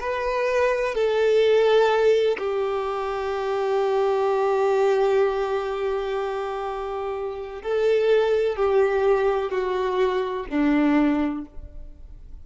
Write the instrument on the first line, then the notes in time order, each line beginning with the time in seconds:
violin
0.00 B4
0.95 A4
2.39 G4
7.63 A4
8.57 G4
9.52 F#4
10.50 D4